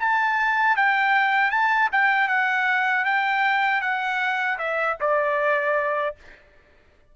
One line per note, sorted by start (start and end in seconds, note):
0.00 0.77 A5
0.77 1.51 G5
1.51 1.90 A5
1.92 2.28 G5
2.28 3.05 F#5
3.05 3.81 G5
3.81 4.58 F#5
4.59 4.97 E5
5.01 6.16 D5